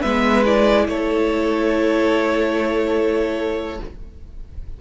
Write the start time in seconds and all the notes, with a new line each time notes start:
0.00 G#3 B3 B4 E5
0.45 E4 D5
0.88 A3 A4 C#5